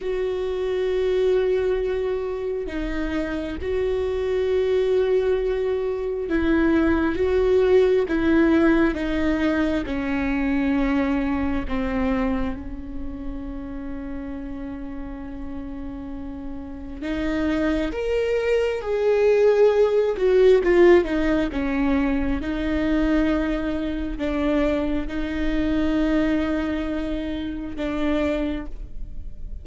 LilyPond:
\new Staff \with { instrumentName = "viola" } { \time 4/4 \tempo 4 = 67 fis'2. dis'4 | fis'2. e'4 | fis'4 e'4 dis'4 cis'4~ | cis'4 c'4 cis'2~ |
cis'2. dis'4 | ais'4 gis'4. fis'8 f'8 dis'8 | cis'4 dis'2 d'4 | dis'2. d'4 | }